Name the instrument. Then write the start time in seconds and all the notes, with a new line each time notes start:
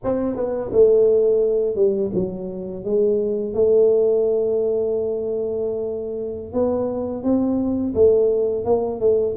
tuba
0.04 C4
0.36 B3
0.72 A3
1.75 G3
2.14 F#3
2.84 G#3
3.54 A3
6.52 B3
7.23 C4
7.94 A3
8.64 A#3
8.99 A3